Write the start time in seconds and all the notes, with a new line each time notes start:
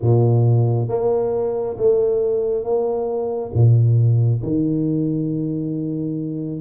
0.01 A#2
0.88 A#3
1.77 A3
2.64 A#3
3.53 A#2
4.42 D#3